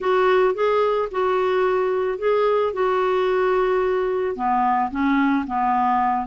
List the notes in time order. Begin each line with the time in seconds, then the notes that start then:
0.00 F#4
0.54 G#4
1.11 F#4
2.18 G#4
2.73 F#4
4.35 B3
4.90 C#4
5.47 B3